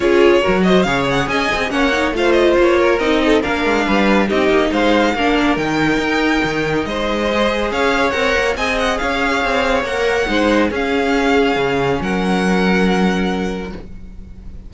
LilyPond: <<
  \new Staff \with { instrumentName = "violin" } { \time 4/4 \tempo 4 = 140 cis''4. dis''8 f''8 fis''8 gis''4 | fis''4 f''8 dis''8 cis''4 dis''4 | f''2 dis''4 f''4~ | f''4 g''2. |
dis''2 f''4 fis''4 | gis''8 fis''8 f''2 fis''4~ | fis''4 f''2. | fis''1 | }
  \new Staff \with { instrumentName = "violin" } { \time 4/4 gis'4 ais'8 c''8 cis''4 dis''4 | cis''4 c''4. ais'4 a'8 | ais'4 b'4 g'4 c''4 | ais'1 |
c''2 cis''2 | dis''4 cis''2. | c''4 gis'2. | ais'1 | }
  \new Staff \with { instrumentName = "viola" } { \time 4/4 f'4 fis'4 gis'2 | cis'8 dis'8 f'2 dis'4 | d'2 dis'2 | d'4 dis'2.~ |
dis'4 gis'2 ais'4 | gis'2. ais'4 | dis'4 cis'2.~ | cis'1 | }
  \new Staff \with { instrumentName = "cello" } { \time 4/4 cis'4 fis4 cis4 cis'8 c'8 | ais4 a4 ais4 c'4 | ais8 gis8 g4 c'8 ais8 gis4 | ais4 dis4 dis'4 dis4 |
gis2 cis'4 c'8 ais8 | c'4 cis'4 c'4 ais4 | gis4 cis'2 cis4 | fis1 | }
>>